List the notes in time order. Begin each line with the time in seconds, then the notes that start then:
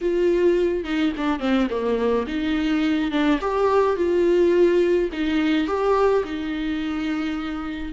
0.01 F4
0.84 D#4
1.17 D4
1.39 C4
1.70 A#3
2.27 D#4
3.11 D4
3.40 G4
3.96 F4
5.12 D#4
5.67 G4
6.24 D#4